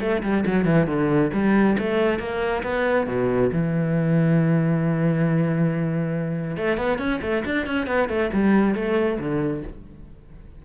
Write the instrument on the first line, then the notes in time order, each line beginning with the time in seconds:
cello
0.00 A3
0.22 G3
0.46 F#3
0.65 E3
0.87 D3
1.33 G3
1.78 A3
2.19 A#3
2.63 B3
3.06 B2
3.52 E3
6.56 A3
6.77 B3
6.98 C#4
7.21 A3
7.45 D4
7.66 C#4
7.87 B3
8.08 A3
8.33 G3
8.74 A3
9.19 D3